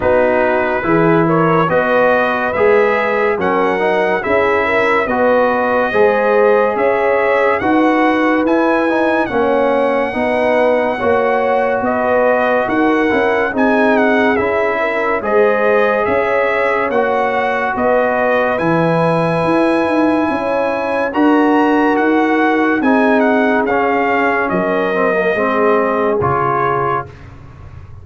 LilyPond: <<
  \new Staff \with { instrumentName = "trumpet" } { \time 4/4 \tempo 4 = 71 b'4. cis''8 dis''4 e''4 | fis''4 e''4 dis''2 | e''4 fis''4 gis''4 fis''4~ | fis''2 dis''4 fis''4 |
gis''8 fis''8 e''4 dis''4 e''4 | fis''4 dis''4 gis''2~ | gis''4 ais''4 fis''4 gis''8 fis''8 | f''4 dis''2 cis''4 | }
  \new Staff \with { instrumentName = "horn" } { \time 4/4 fis'4 gis'8 ais'8 b'2 | ais'4 gis'8 ais'8 b'4 c''4 | cis''4 b'2 cis''4 | b'4 cis''4 b'4 ais'4 |
gis'4. ais'8 c''4 cis''4~ | cis''4 b'2. | cis''4 ais'2 gis'4~ | gis'4 ais'4 gis'2 | }
  \new Staff \with { instrumentName = "trombone" } { \time 4/4 dis'4 e'4 fis'4 gis'4 | cis'8 dis'8 e'4 fis'4 gis'4~ | gis'4 fis'4 e'8 dis'8 cis'4 | dis'4 fis'2~ fis'8 e'8 |
dis'4 e'4 gis'2 | fis'2 e'2~ | e'4 fis'2 dis'4 | cis'4. c'16 ais16 c'4 f'4 | }
  \new Staff \with { instrumentName = "tuba" } { \time 4/4 b4 e4 b4 gis4 | fis4 cis'4 b4 gis4 | cis'4 dis'4 e'4 ais4 | b4 ais4 b4 dis'8 cis'8 |
c'4 cis'4 gis4 cis'4 | ais4 b4 e4 e'8 dis'8 | cis'4 d'4 dis'4 c'4 | cis'4 fis4 gis4 cis4 | }
>>